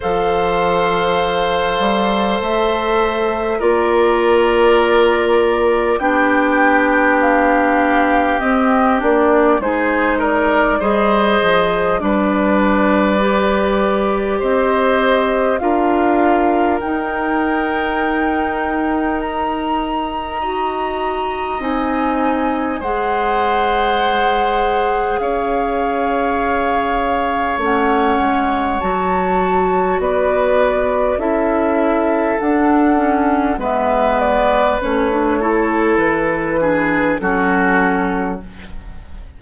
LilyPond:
<<
  \new Staff \with { instrumentName = "flute" } { \time 4/4 \tempo 4 = 50 f''2 e''4 d''4~ | d''4 g''4 f''4 dis''8 d''8 | c''8 d''8 dis''4 d''2 | dis''4 f''4 g''2 |
ais''2 gis''4 fis''4~ | fis''4 f''2 fis''4 | a''4 d''4 e''4 fis''4 | e''8 d''8 cis''4 b'4 a'4 | }
  \new Staff \with { instrumentName = "oboe" } { \time 4/4 c''2. ais'4~ | ais'4 g'2. | gis'8 ais'8 c''4 b'2 | c''4 ais'2.~ |
ais'4 dis''2 c''4~ | c''4 cis''2.~ | cis''4 b'4 a'2 | b'4. a'4 gis'8 fis'4 | }
  \new Staff \with { instrumentName = "clarinet" } { \time 4/4 a'2. f'4~ | f'4 d'2 c'8 d'8 | dis'4 gis'4 d'4 g'4~ | g'4 f'4 dis'2~ |
dis'4 fis'4 dis'4 gis'4~ | gis'2. cis'4 | fis'2 e'4 d'8 cis'8 | b4 cis'16 d'16 e'4 d'8 cis'4 | }
  \new Staff \with { instrumentName = "bassoon" } { \time 4/4 f4. g8 a4 ais4~ | ais4 b2 c'8 ais8 | gis4 g8 f8 g2 | c'4 d'4 dis'2~ |
dis'2 c'4 gis4~ | gis4 cis'2 a8 gis8 | fis4 b4 cis'4 d'4 | gis4 a4 e4 fis4 | }
>>